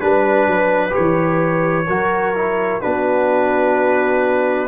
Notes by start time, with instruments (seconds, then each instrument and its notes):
0.00 tuba G3, trombone D4, trumpet B4, horn B4
0.46 tuba F#3
0.90 trombone G4, trumpet C#5
0.97 tuba E3
1.87 tuba F#3, trombone F#4, horn A#4
2.35 trombone E4
2.81 tuba B3, trombone D4, horn F#4, trumpet B4